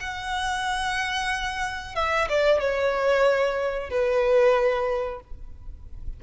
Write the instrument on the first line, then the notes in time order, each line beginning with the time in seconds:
violin
0.00 F#5
1.95 E5
2.29 D5
2.60 C#5
3.90 B4